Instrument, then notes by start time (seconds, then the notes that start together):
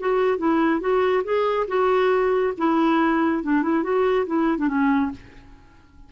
clarinet
0.00 F#4
0.38 E4
0.81 F#4
1.24 G#4
1.68 F#4
2.58 E4
3.44 D4
3.63 E4
3.84 F#4
4.27 E4
4.58 D4
4.69 C#4